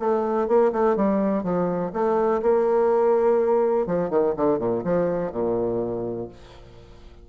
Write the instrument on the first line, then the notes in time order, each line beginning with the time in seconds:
bassoon
0.00 A3
0.48 A#3
0.73 A3
0.96 G3
1.44 F3
1.93 A3
2.42 A#3
3.87 F3
4.10 D#3
4.37 D3
4.59 A#2
4.85 F3
5.32 A#2